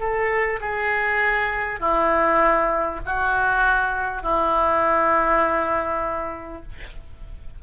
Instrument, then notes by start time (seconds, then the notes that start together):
oboe
0.00 A4
0.61 G#4
1.80 E4
3.05 F#4
4.23 E4